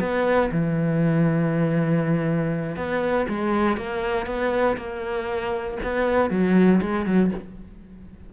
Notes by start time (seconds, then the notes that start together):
0.00 B3
0.52 E3
2.76 B3
3.29 G#3
3.77 A#3
4.27 B3
4.77 A#3
5.83 B3
6.30 F#3
6.82 G#3
7.06 F#3